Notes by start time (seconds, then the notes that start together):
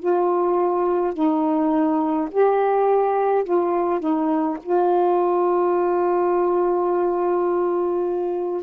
0.00 F4
1.14 D#4
2.32 G4
3.45 F4
4.00 D#4
4.63 F4